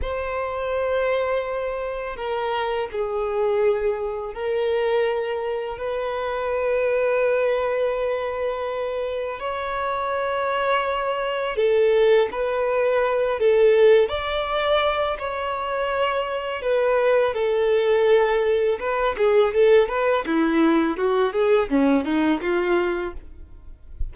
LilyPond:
\new Staff \with { instrumentName = "violin" } { \time 4/4 \tempo 4 = 83 c''2. ais'4 | gis'2 ais'2 | b'1~ | b'4 cis''2. |
a'4 b'4. a'4 d''8~ | d''4 cis''2 b'4 | a'2 b'8 gis'8 a'8 b'8 | e'4 fis'8 gis'8 cis'8 dis'8 f'4 | }